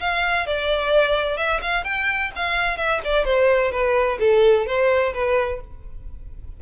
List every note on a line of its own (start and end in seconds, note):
0.00 0.46 F5
0.46 1.37 D5
1.37 1.61 E5
1.62 1.84 F5
1.84 2.31 G5
2.35 2.77 F5
2.77 3.01 E5
3.04 3.25 D5
3.25 3.72 C5
3.72 4.18 B4
4.20 4.66 A4
4.66 5.13 C5
5.13 5.60 B4